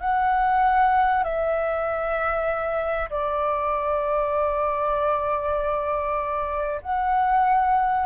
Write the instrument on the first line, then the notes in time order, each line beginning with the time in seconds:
flute
0.00 F#5
1.23 E5
3.10 D5
6.82 F#5